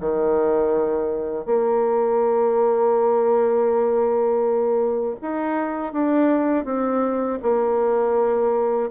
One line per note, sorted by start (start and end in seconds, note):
0.00 1.45 D#3
1.45 5.16 A#3
5.22 5.93 D#4
5.93 6.65 D4
6.65 7.39 C4
7.42 8.90 A#3